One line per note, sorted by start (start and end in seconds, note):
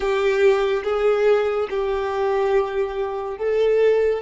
0.00 0.82 G4
0.83 1.67 G#4
1.70 3.37 G4
3.37 4.22 A4